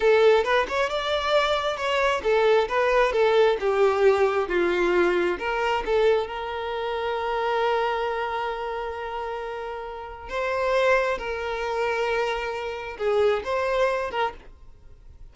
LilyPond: \new Staff \with { instrumentName = "violin" } { \time 4/4 \tempo 4 = 134 a'4 b'8 cis''8 d''2 | cis''4 a'4 b'4 a'4 | g'2 f'2 | ais'4 a'4 ais'2~ |
ais'1~ | ais'2. c''4~ | c''4 ais'2.~ | ais'4 gis'4 c''4. ais'8 | }